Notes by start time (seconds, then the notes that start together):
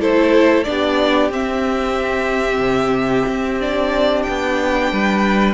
0.00 A3 E4 A4 C5
0.64 B3 D4 G4 D5
1.31 C4 E5
2.58 C3
3.28 C4
3.61 D4 D5
4.24 B3 G5
4.92 G3 B4